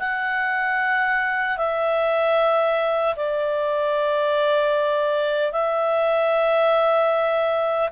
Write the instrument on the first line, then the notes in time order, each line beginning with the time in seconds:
clarinet
0.00 F#5
1.58 E5
3.17 D5
5.53 E5